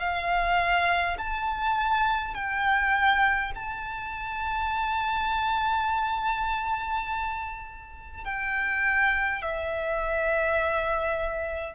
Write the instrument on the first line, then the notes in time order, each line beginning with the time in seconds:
violin
0.00 F5
1.18 A5
2.35 G5
3.56 A5
8.25 G5
9.42 E5